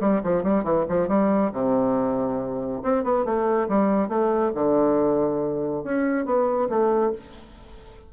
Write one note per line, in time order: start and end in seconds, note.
0.00 0.22 G3
0.23 0.43 F3
0.43 0.64 G3
0.64 0.85 E3
0.88 1.08 F3
1.08 1.51 G3
1.52 2.82 C3
2.83 3.04 C4
3.04 3.25 B3
3.25 3.68 A3
3.68 4.08 G3
4.08 4.51 A3
4.54 5.84 D3
5.84 6.25 C#4
6.25 6.68 B3
6.69 7.12 A3